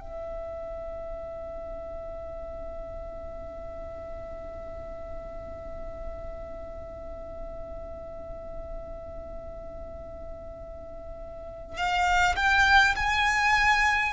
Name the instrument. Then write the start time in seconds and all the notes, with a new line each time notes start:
violin
0.00 E5
11.76 F5
12.35 G5
12.95 G#5